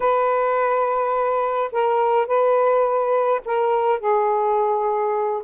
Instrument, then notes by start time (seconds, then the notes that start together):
saxophone
0.00 B4
1.71 A#4
2.26 B4
3.45 A#4
3.99 G#4